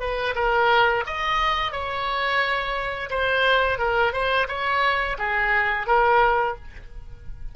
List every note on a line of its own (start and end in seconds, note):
0.00 0.34 B4
0.35 1.04 A#4
1.07 1.72 D#5
1.72 3.10 C#5
3.10 3.78 C5
3.78 4.13 A#4
4.13 4.47 C5
4.48 5.17 C#5
5.18 5.87 G#4
5.87 6.55 A#4